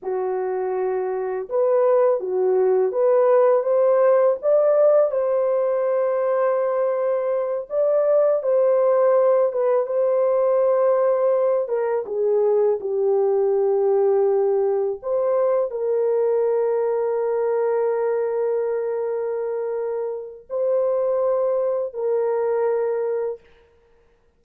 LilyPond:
\new Staff \with { instrumentName = "horn" } { \time 4/4 \tempo 4 = 82 fis'2 b'4 fis'4 | b'4 c''4 d''4 c''4~ | c''2~ c''8 d''4 c''8~ | c''4 b'8 c''2~ c''8 |
ais'8 gis'4 g'2~ g'8~ | g'8 c''4 ais'2~ ais'8~ | ais'1 | c''2 ais'2 | }